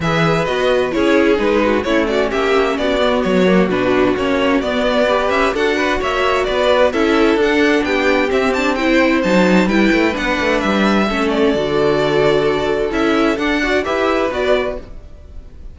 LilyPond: <<
  \new Staff \with { instrumentName = "violin" } { \time 4/4 \tempo 4 = 130 e''4 dis''4 cis''4 b'4 | cis''8 d''8 e''4 d''4 cis''4 | b'4 cis''4 d''4. e''8 | fis''4 e''4 d''4 e''4 |
fis''4 g''4 e''8 a''8 g''4 | a''4 g''4 fis''4 e''4~ | e''8 d''2.~ d''8 | e''4 fis''4 e''4 d''4 | }
  \new Staff \with { instrumentName = "violin" } { \time 4/4 b'2 gis'4. fis'8 | e'8 fis'8 g'4 fis'2~ | fis'2. b'4 | a'8 b'8 cis''4 b'4 a'4~ |
a'4 g'2 c''4~ | c''4 b'2. | a'1~ | a'4. d''8 b'2 | }
  \new Staff \with { instrumentName = "viola" } { \time 4/4 gis'4 fis'4 e'4 dis'4 | cis'2~ cis'8 b4 ais8 | d'4 cis'4 b4 g'4 | fis'2. e'4 |
d'2 c'8 d'8 e'4 | dis'4 e'4 d'2 | cis'4 fis'2. | e'4 d'8 fis'8 g'4 fis'4 | }
  \new Staff \with { instrumentName = "cello" } { \time 4/4 e4 b4 cis'4 gis4 | a4 ais4 b4 fis4 | b,4 ais4 b4. cis'8 | d'4 ais4 b4 cis'4 |
d'4 b4 c'2 | fis4 g8 a8 b8 a8 g4 | a4 d2. | cis'4 d'4 e'4 b4 | }
>>